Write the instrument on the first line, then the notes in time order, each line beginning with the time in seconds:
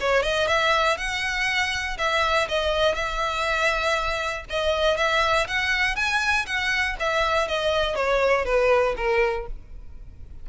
violin
0.00 C#5
0.22 D#5
0.47 E5
0.97 F#5
1.98 E5
2.48 D#5
2.95 E5
4.50 D#5
4.97 E5
5.47 F#5
5.96 G#5
6.46 F#5
6.99 E5
7.48 D#5
7.95 C#5
8.45 B4
8.97 A#4